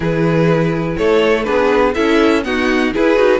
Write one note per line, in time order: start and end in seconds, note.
0.00 0.96 E3
0.00 1.44 E4
0.00 0.97 G#4
0.00 0.97 B4
0.97 1.47 A3
0.97 1.46 A4
0.97 1.43 C#5
1.43 1.96 B3
1.43 1.93 D4
1.43 1.95 G#4
1.43 1.92 B4
1.94 2.45 C#4
1.94 2.43 E4
1.94 2.43 A4
1.94 2.43 E5
2.43 2.92 B3
2.43 2.94 D#4
2.43 2.93 F#4
2.43 2.92 F#5
2.93 3.15 E4
2.93 3.18 E4
2.93 3.39 G#4
2.93 3.39 B4
3.15 3.39 D#4
3.15 3.39 F#4